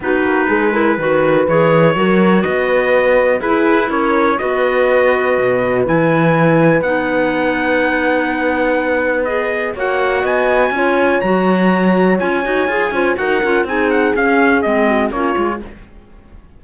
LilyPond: <<
  \new Staff \with { instrumentName = "trumpet" } { \time 4/4 \tempo 4 = 123 b'2. cis''4~ | cis''4 dis''2 b'4 | cis''4 dis''2. | gis''2 fis''2~ |
fis''2. dis''4 | fis''4 gis''2 ais''4~ | ais''4 gis''2 fis''4 | gis''8 fis''8 f''4 dis''4 cis''4 | }
  \new Staff \with { instrumentName = "horn" } { \time 4/4 fis'4 gis'8 ais'8 b'2 | ais'4 b'2 gis'4 | ais'4 b'2.~ | b'1~ |
b'1 | cis''4 dis''4 cis''2~ | cis''2~ cis''8 c''8 ais'4 | gis'2~ gis'8 fis'8 f'4 | }
  \new Staff \with { instrumentName = "clarinet" } { \time 4/4 dis'4. e'8 fis'4 gis'4 | fis'2. e'4~ | e'4 fis'2. | e'2 dis'2~ |
dis'2. gis'4 | fis'2 f'4 fis'4~ | fis'4 f'8 fis'8 gis'8 f'8 fis'8 f'8 | dis'4 cis'4 c'4 cis'8 f'8 | }
  \new Staff \with { instrumentName = "cello" } { \time 4/4 b8 ais8 gis4 dis4 e4 | fis4 b2 e'4 | cis'4 b2 b,4 | e2 b2~ |
b1 | ais4 b4 cis'4 fis4~ | fis4 cis'8 dis'8 f'8 cis'8 dis'8 cis'8 | c'4 cis'4 gis4 ais8 gis8 | }
>>